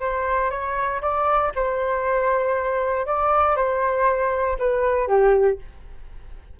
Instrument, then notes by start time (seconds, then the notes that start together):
flute
0.00 C5
0.50 C#5
1.01 D5
1.55 C5
3.06 D5
3.56 C5
4.59 B4
5.07 G4